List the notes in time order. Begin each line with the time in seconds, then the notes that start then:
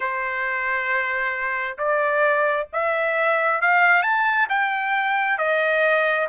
0.00 C5
1.77 D5
2.73 E5
3.61 F5
4.02 A5
4.49 G5
5.37 D#5